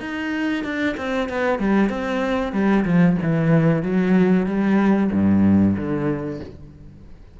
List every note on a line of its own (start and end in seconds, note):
0.00 0.64 D#4
0.64 0.96 D4
0.97 1.29 C4
1.29 1.59 B3
1.59 1.89 G3
1.89 2.52 C4
2.52 2.84 G3
2.85 3.17 F3
3.22 3.82 E3
3.82 4.46 F#3
4.46 5.10 G3
5.12 5.75 G2
5.76 6.40 D3